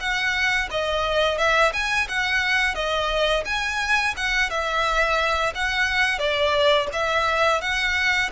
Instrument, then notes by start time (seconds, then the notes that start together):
violin
0.00 F#5
0.71 D#5
1.38 E5
1.73 G#5
2.08 F#5
2.75 D#5
3.45 G#5
4.17 F#5
4.50 E5
5.55 F#5
6.19 D5
6.93 E5
7.61 F#5